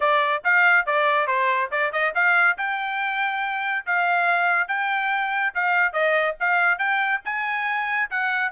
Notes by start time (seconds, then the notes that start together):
0.00 D5
0.44 F5
0.85 D5
1.27 C5
1.71 D5
1.92 D#5
2.14 F5
2.57 G5
3.85 F5
4.68 G5
5.54 F5
5.92 D#5
6.40 F5
6.78 G5
7.25 G#5
8.10 F#5